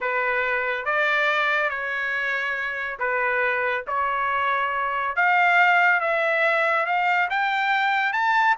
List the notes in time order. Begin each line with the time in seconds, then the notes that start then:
0.00 B4
0.85 D5
1.69 C#5
2.99 B4
3.87 C#5
5.15 F5
6.00 E5
6.86 F5
7.30 G5
8.12 A5